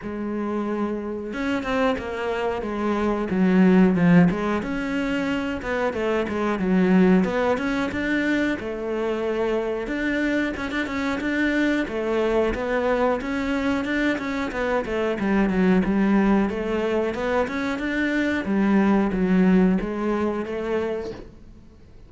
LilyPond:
\new Staff \with { instrumentName = "cello" } { \time 4/4 \tempo 4 = 91 gis2 cis'8 c'8 ais4 | gis4 fis4 f8 gis8 cis'4~ | cis'8 b8 a8 gis8 fis4 b8 cis'8 | d'4 a2 d'4 |
cis'16 d'16 cis'8 d'4 a4 b4 | cis'4 d'8 cis'8 b8 a8 g8 fis8 | g4 a4 b8 cis'8 d'4 | g4 fis4 gis4 a4 | }